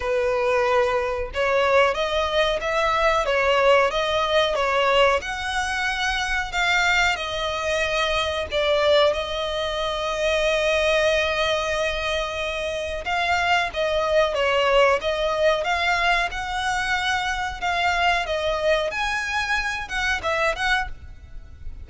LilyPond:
\new Staff \with { instrumentName = "violin" } { \time 4/4 \tempo 4 = 92 b'2 cis''4 dis''4 | e''4 cis''4 dis''4 cis''4 | fis''2 f''4 dis''4~ | dis''4 d''4 dis''2~ |
dis''1 | f''4 dis''4 cis''4 dis''4 | f''4 fis''2 f''4 | dis''4 gis''4. fis''8 e''8 fis''8 | }